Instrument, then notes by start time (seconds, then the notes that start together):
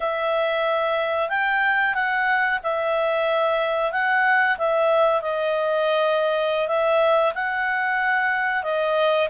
clarinet
0.00 E5
1.29 G5
1.94 F#5
2.63 E5
3.91 F#5
4.57 E5
5.21 D#5
6.68 E5
7.34 F#5
8.63 D#5